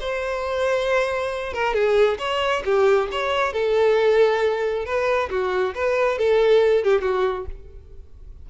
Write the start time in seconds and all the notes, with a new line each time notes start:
0.00 C5
1.53 A#4
1.73 G#4
2.19 C#5
2.65 G4
3.11 C#5
3.53 A4
4.85 B4
5.30 F#4
5.74 B4
6.18 A4
6.84 G4
7.01 F#4